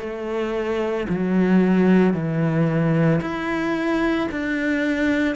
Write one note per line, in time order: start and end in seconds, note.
0.00 1.07 A3
1.09 2.14 F#3
2.14 3.21 E3
3.21 4.29 E4
4.31 5.36 D4